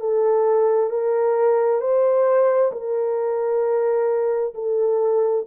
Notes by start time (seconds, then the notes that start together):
0.00 A4
0.90 A#4
1.81 C5
2.72 A#4
4.55 A4